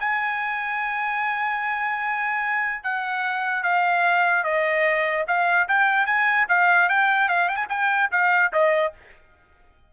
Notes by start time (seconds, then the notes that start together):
0.00 G#5
2.84 F#5
3.63 F5
4.44 D#5
5.28 F5
5.68 G5
6.06 G#5
6.49 F5
6.89 G5
7.29 F5
7.49 G5
7.56 G#5
7.69 G5
8.12 F5
8.53 D#5